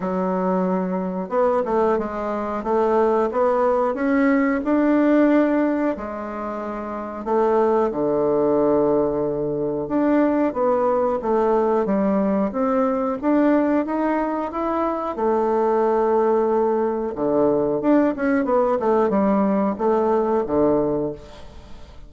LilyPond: \new Staff \with { instrumentName = "bassoon" } { \time 4/4 \tempo 4 = 91 fis2 b8 a8 gis4 | a4 b4 cis'4 d'4~ | d'4 gis2 a4 | d2. d'4 |
b4 a4 g4 c'4 | d'4 dis'4 e'4 a4~ | a2 d4 d'8 cis'8 | b8 a8 g4 a4 d4 | }